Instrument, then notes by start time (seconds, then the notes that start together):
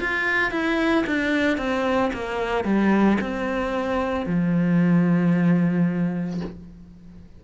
cello
0.00 F4
0.51 E4
1.06 D4
1.58 C4
2.13 A#3
2.64 G3
3.20 C4
4.26 F3